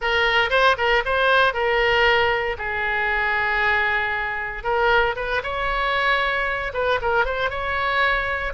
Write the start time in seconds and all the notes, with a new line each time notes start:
0.01 A#4
0.50 C5
0.77 A#4
1.05 C5
1.53 A#4
2.57 G#4
4.63 A#4
5.16 B4
5.43 C#5
6.73 B4
7.01 A#4
7.25 C5
7.50 C#5